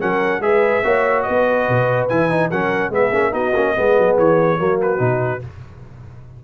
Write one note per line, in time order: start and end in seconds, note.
0.00 0.40 F#3
0.00 0.42 C#4
0.00 0.42 A#4
0.00 0.42 F#5
0.40 0.82 G#3
0.40 0.83 G#4
0.40 0.85 B4
0.40 1.23 E5
0.84 1.26 A#3
0.84 2.09 F#4
0.84 1.26 C#5
1.23 2.51 B4
1.23 2.06 D#5
1.29 1.69 B3
1.69 2.11 B2
2.09 2.52 E3
2.09 2.30 E4
2.09 2.51 G#5
2.30 2.51 D#4
2.51 2.90 F#3
2.51 2.92 C#4
2.51 2.92 A#4
2.51 2.93 F#5
2.90 3.11 G#3
2.90 3.12 B3
2.90 3.32 G#4
2.90 3.34 E5
3.12 3.34 A#3
3.12 3.31 C#4
3.31 3.55 B3
3.31 3.52 D#4
3.31 3.74 F#4
3.31 4.17 D#5
3.56 3.76 A#3
3.56 3.76 C#4
3.76 3.98 G#3
3.76 4.58 B3
3.76 4.60 G#4
3.98 4.18 F#3
4.18 4.60 E3
4.18 4.81 C#5
4.58 5.00 F#3
4.58 4.98 A#3
4.58 5.43 F#4
4.82 5.44 B4
4.98 5.41 B2
4.98 5.40 D#4